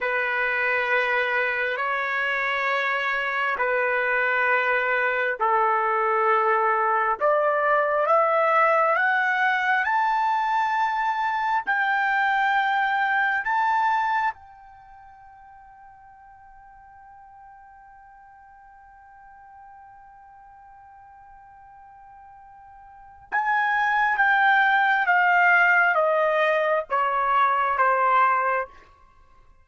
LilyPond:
\new Staff \with { instrumentName = "trumpet" } { \time 4/4 \tempo 4 = 67 b'2 cis''2 | b'2 a'2 | d''4 e''4 fis''4 a''4~ | a''4 g''2 a''4 |
g''1~ | g''1~ | g''2 gis''4 g''4 | f''4 dis''4 cis''4 c''4 | }